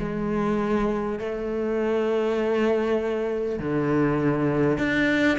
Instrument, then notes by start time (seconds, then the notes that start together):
cello
0.00 G#3
1.19 A3
3.59 D3
4.78 D4